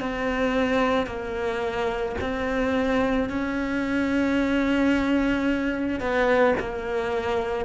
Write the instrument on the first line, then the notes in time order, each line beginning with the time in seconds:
cello
0.00 C4
1.07 A#3
2.21 C4
3.29 C#4
6.00 B3
6.60 A#3